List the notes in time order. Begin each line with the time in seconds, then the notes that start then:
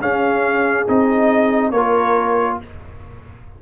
0.00 C#4 G#4 F5
0.87 C4 D#4 D#5
1.71 A#3 F4 A#4 C#5